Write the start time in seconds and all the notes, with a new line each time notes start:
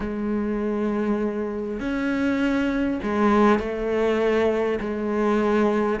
0.00 G#3
1.79 C#4
3.02 G#3
3.59 A3
4.80 G#3